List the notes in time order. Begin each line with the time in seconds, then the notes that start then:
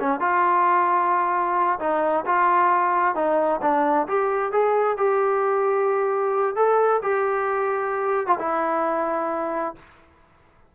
0.00 C#4
0.20 F4
1.80 D#4
2.26 F4
3.15 D#4
3.62 D4
4.08 G4
4.52 G#4
4.97 G4
6.56 A4
7.03 G4
8.27 F4
8.39 E4